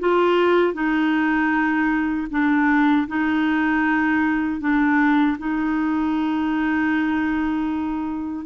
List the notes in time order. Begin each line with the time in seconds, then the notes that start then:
0.00 F4
0.74 D#4
2.31 D4
3.08 D#4
4.61 D4
5.39 D#4